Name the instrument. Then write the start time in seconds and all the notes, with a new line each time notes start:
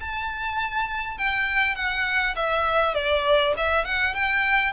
violin
0.00 A5
1.18 G5
1.76 F#5
2.36 E5
2.94 D5
3.57 E5
3.85 F#5
4.14 G5